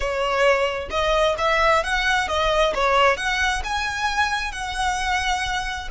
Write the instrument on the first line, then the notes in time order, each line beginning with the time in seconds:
violin
0.00 C#5
0.90 D#5
1.38 E5
1.83 F#5
2.27 D#5
2.74 C#5
3.17 F#5
3.64 G#5
4.52 F#5